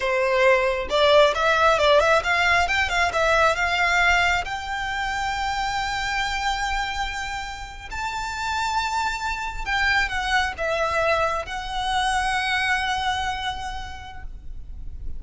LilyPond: \new Staff \with { instrumentName = "violin" } { \time 4/4 \tempo 4 = 135 c''2 d''4 e''4 | d''8 e''8 f''4 g''8 f''8 e''4 | f''2 g''2~ | g''1~ |
g''4.~ g''16 a''2~ a''16~ | a''4.~ a''16 g''4 fis''4 e''16~ | e''4.~ e''16 fis''2~ fis''16~ | fis''1 | }